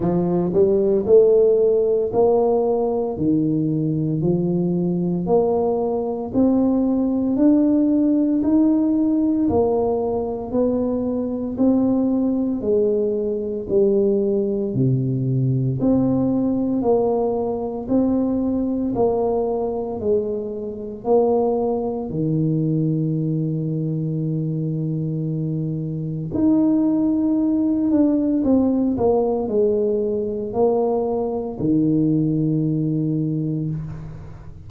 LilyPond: \new Staff \with { instrumentName = "tuba" } { \time 4/4 \tempo 4 = 57 f8 g8 a4 ais4 dis4 | f4 ais4 c'4 d'4 | dis'4 ais4 b4 c'4 | gis4 g4 c4 c'4 |
ais4 c'4 ais4 gis4 | ais4 dis2.~ | dis4 dis'4. d'8 c'8 ais8 | gis4 ais4 dis2 | }